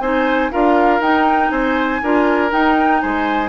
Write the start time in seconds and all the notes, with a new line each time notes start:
0.00 C4 D#4 C5 G#5
0.51 D4 F4 A#4 F5
1.00 D#4 G5
1.50 C4 C5 G#5
2.03 D4 F4 A#4
2.50 D#4 G5
3.02 G#3 C5 G#5